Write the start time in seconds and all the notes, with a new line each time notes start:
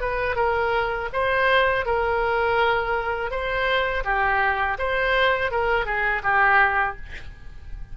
0.00 B4
0.35 A#4
1.12 C5
1.85 A#4
3.30 C5
4.04 G4
4.78 C5
5.51 A#4
5.85 G#4
6.23 G4